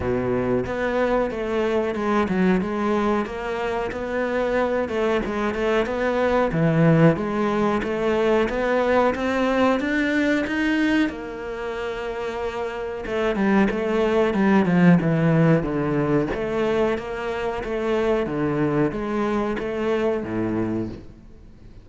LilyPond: \new Staff \with { instrumentName = "cello" } { \time 4/4 \tempo 4 = 92 b,4 b4 a4 gis8 fis8 | gis4 ais4 b4. a8 | gis8 a8 b4 e4 gis4 | a4 b4 c'4 d'4 |
dis'4 ais2. | a8 g8 a4 g8 f8 e4 | d4 a4 ais4 a4 | d4 gis4 a4 a,4 | }